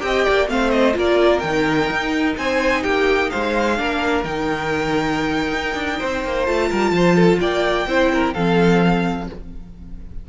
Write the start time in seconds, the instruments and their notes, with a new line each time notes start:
0.00 cello C4, viola G4, violin D#5 G5
0.25 cello A#3, violin D5
0.48 cello A3, viola C4, violin C5 F5
0.70 violin D#5
0.93 cello A#3, viola F4, violin A#4 D5
1.39 cello D#3, violin G5
1.46 viola D#4
1.90 cello D#4
2.37 cello C4, violin C5 G#5
2.82 cello A#3, violin G4 G5
3.30 cello G#3, violin C5 F5
3.77 cello A#3, viola D4, violin A#4
4.24 cello D#3, viola D#4, violin G5
5.53 cello D#4
5.75 cello D4
5.98 cello C4, violin C5
6.24 cello A#3
6.46 cello A3, viola F4, violin A5
6.69 cello G3, violin A#4
6.91 cello F3, violin C5
7.16 violin A4
7.40 cello A#3, violin D5 G5
7.87 cello C4, viola E4, violin C5
8.14 violin A#4
8.34 cello F3, viola C4, violin A4 F5